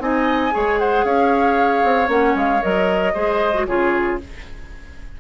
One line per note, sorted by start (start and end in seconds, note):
0.00 0.52 C4
0.00 0.52 D#4
0.00 0.54 D#5
0.00 0.79 G#5
0.52 1.04 G#3
0.52 2.07 G#4
0.52 0.80 C#5
0.79 1.05 C5
0.79 1.05 F#5
1.04 1.83 C#4
1.04 3.14 C#5
1.04 2.09 F5
1.84 2.08 C4
2.07 2.34 A#3
2.07 2.60 C#4
2.07 2.36 F#5
2.35 2.61 G#3
2.35 2.62 F5
2.62 3.15 F#3
2.62 3.14 A#4
2.62 3.66 D#5
3.14 3.67 G#3
3.14 3.53 G#4
3.14 3.66 C5
3.54 3.67 F#4
3.66 4.20 C#3
3.66 4.20 F4
3.66 4.20 G#4
3.66 4.18 C#5